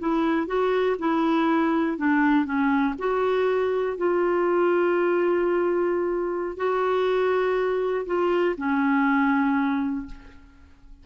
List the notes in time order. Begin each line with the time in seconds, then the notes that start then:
0.00 E4
0.47 F#4
0.99 E4
1.98 D4
2.45 C#4
2.99 F#4
3.98 F4
6.57 F#4
8.07 F4
8.58 C#4